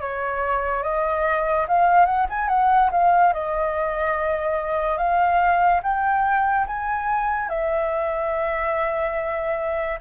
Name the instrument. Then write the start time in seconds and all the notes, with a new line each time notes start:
flute
0.00 C#5
0.83 D#5
1.68 F5
2.06 F#5
2.30 G#5
2.48 F#5
2.91 F5
3.33 D#5
4.97 F5
5.83 G5
6.67 G#5
7.49 E5